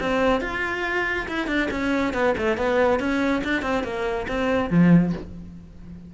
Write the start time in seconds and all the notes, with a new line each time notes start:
0.00 C4
0.41 F4
1.28 E4
1.47 D4
1.71 C#4
2.14 B3
2.38 A3
2.57 B3
3.00 C#4
3.44 D4
3.62 C4
3.84 A#3
4.28 C4
4.70 F3